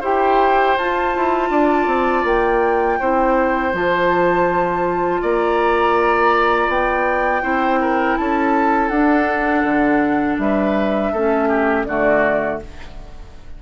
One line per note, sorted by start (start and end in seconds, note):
0.00 0.76 E4
0.00 0.77 G4
0.00 1.48 C5
0.00 0.77 G5
0.77 1.14 F4
0.77 3.00 F4
0.77 2.25 A5
1.15 1.50 E4
1.50 1.86 D4
1.50 2.99 D5
1.86 2.23 C4
2.24 2.98 A#3
2.24 3.74 G5
2.99 3.73 C4
2.99 3.73 E4
2.99 5.21 C5
3.73 5.21 F3
3.73 7.42 F4
3.73 5.23 A5
5.22 6.67 A#3
5.22 7.42 D5
5.22 6.70 A#5
6.67 7.42 B3
6.67 8.17 G5
7.42 8.17 C4
7.42 8.91 E4
7.42 7.79 C5
7.80 8.17 A#4
8.17 8.89 C#4
8.17 10.41 A4
8.17 8.88 A5
8.88 9.63 D4
8.88 11.15 D4
8.88 10.36 F#5
9.63 10.37 D3
10.38 11.12 G3
10.38 11.12 B4
10.38 11.85 E5
11.12 11.85 A3
11.12 11.87 C#4
11.12 11.48 A4
11.48 11.85 G4
11.85 12.59 D3
11.85 12.62 A3
11.85 12.62 F#4
11.85 12.59 D5